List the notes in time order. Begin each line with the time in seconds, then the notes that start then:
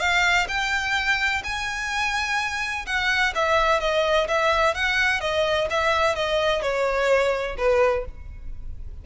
0.00 F5
0.48 G5
1.44 G#5
2.86 F#5
3.35 E5
3.80 D#5
4.28 E5
4.75 F#5
5.21 D#5
5.70 E5
6.16 D#5
6.62 C#5
7.58 B4